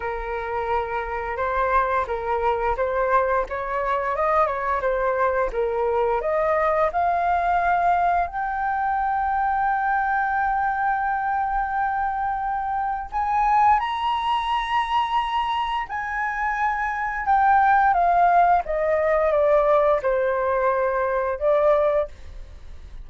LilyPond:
\new Staff \with { instrumentName = "flute" } { \time 4/4 \tempo 4 = 87 ais'2 c''4 ais'4 | c''4 cis''4 dis''8 cis''8 c''4 | ais'4 dis''4 f''2 | g''1~ |
g''2. gis''4 | ais''2. gis''4~ | gis''4 g''4 f''4 dis''4 | d''4 c''2 d''4 | }